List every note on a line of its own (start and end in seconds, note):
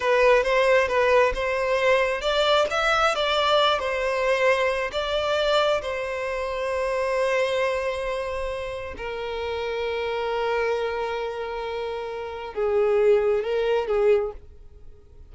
0.00 0.43 B4
0.43 0.88 C5
0.88 1.32 B4
1.34 2.21 C5
2.21 2.66 D5
2.70 3.15 E5
3.15 3.79 D5
3.79 4.91 C5
4.91 5.81 D5
5.81 8.95 C5
8.97 12.54 A#4
12.54 13.43 G#4
13.43 13.87 A#4
13.87 14.32 G#4